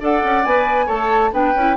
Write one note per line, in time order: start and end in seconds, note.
0.00 0.23 D4
0.00 0.44 A4
0.00 0.86 D5
0.00 0.45 F#5
0.23 0.45 C#4
0.45 0.88 B3
0.45 0.87 B4
0.45 0.88 G#5
0.86 1.32 A3
0.86 1.31 A4
0.86 1.30 C#5
0.86 1.32 A5
1.32 1.54 B3
1.32 1.54 D4
1.32 1.76 B4
1.32 1.76 G5
1.55 1.76 C#4
1.55 1.76 E4